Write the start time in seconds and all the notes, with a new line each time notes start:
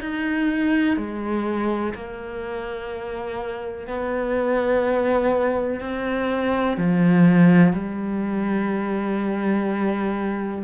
0.00 D#4
0.96 G#3
1.94 A#3
3.87 B3
5.80 C4
6.77 F3
7.72 G3